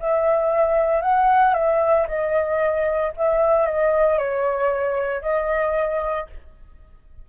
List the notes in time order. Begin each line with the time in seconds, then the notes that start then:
0.00 E5
1.02 F#5
1.55 E5
2.08 D#5
3.17 E5
3.67 D#5
4.19 C#5
5.22 D#5